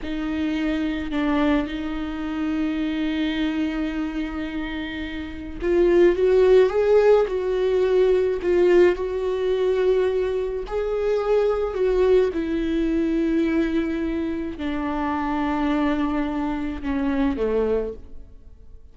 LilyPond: \new Staff \with { instrumentName = "viola" } { \time 4/4 \tempo 4 = 107 dis'2 d'4 dis'4~ | dis'1~ | dis'2 f'4 fis'4 | gis'4 fis'2 f'4 |
fis'2. gis'4~ | gis'4 fis'4 e'2~ | e'2 d'2~ | d'2 cis'4 a4 | }